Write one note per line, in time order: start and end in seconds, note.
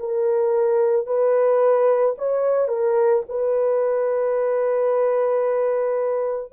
0.00 1.07 A#4
1.07 2.16 B4
2.18 2.68 C#5
2.68 3.23 A#4
3.29 6.53 B4